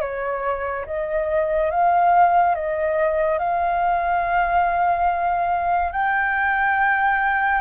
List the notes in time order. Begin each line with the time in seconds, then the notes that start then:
0.00 C#5
0.86 D#5
1.70 F5
2.55 D#5
3.38 F5
5.92 G5